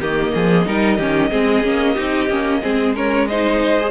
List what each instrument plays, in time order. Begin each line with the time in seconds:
0.00 cello D#3, viola A#3, violin G4 D#5
0.35 cello F3, violin G#4
0.66 cello G3, viola D#4, violin A#4
0.98 cello D#3, viola C#4, violin G4
1.31 cello G#3, viola C4, violin G#4
1.63 cello A#3, viola C#4
1.94 cello C4, viola D#4, violin G4
2.29 cello A#3, viola C#4
2.62 cello G#3, viola C4, violin G#4
2.95 viola C#4, violin A#4 C#5
3.28 viola D#4, violin C5 D#5
3.80 viola G#4